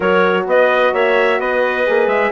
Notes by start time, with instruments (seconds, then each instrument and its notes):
0.00 bassoon F#3, horn F#4, clarinet A#4, trumpet C#5
0.46 bassoon B3, clarinet B4, trumpet D#5
0.93 bassoon A#3, clarinet C#5, trumpet E5
1.39 bassoon B3, clarinet B4, trumpet D#5
1.86 bassoon A#3, horn G#4
2.06 bassoon G#3, trumpet E5